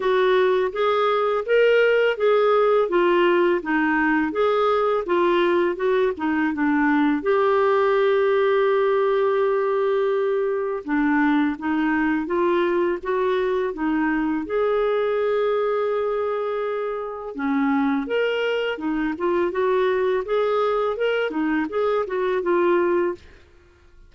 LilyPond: \new Staff \with { instrumentName = "clarinet" } { \time 4/4 \tempo 4 = 83 fis'4 gis'4 ais'4 gis'4 | f'4 dis'4 gis'4 f'4 | fis'8 dis'8 d'4 g'2~ | g'2. d'4 |
dis'4 f'4 fis'4 dis'4 | gis'1 | cis'4 ais'4 dis'8 f'8 fis'4 | gis'4 ais'8 dis'8 gis'8 fis'8 f'4 | }